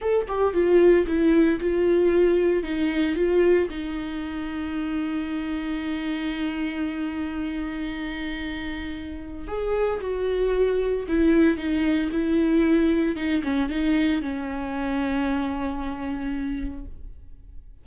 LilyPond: \new Staff \with { instrumentName = "viola" } { \time 4/4 \tempo 4 = 114 a'8 g'8 f'4 e'4 f'4~ | f'4 dis'4 f'4 dis'4~ | dis'1~ | dis'1~ |
dis'2 gis'4 fis'4~ | fis'4 e'4 dis'4 e'4~ | e'4 dis'8 cis'8 dis'4 cis'4~ | cis'1 | }